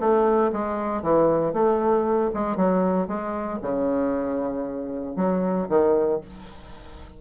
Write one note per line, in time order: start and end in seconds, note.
0.00 0.52 A3
0.52 1.02 G#3
1.02 1.53 E3
1.53 2.31 A3
2.34 2.56 G#3
2.56 3.08 F#3
3.08 3.59 G#3
3.62 5.16 C#3
5.16 5.68 F#3
5.69 6.21 D#3